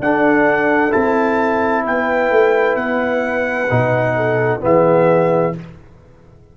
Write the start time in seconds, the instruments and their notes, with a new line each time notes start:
0.00 tuba D4, trombone D4, horn A4, trumpet F#5
0.91 tuba C4, trombone E4, trumpet A5
1.85 tuba B3, horn B4, trumpet G5
2.31 tuba A3
2.76 tuba B3, trumpet F#5
3.71 tuba B2, trombone D#4
4.16 horn A4
4.61 tuba E3, trombone B3, horn G#4, trumpet E5